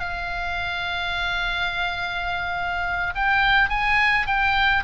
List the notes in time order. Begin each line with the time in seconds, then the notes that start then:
0.00 F5
3.16 G5
3.70 G#5
4.27 G5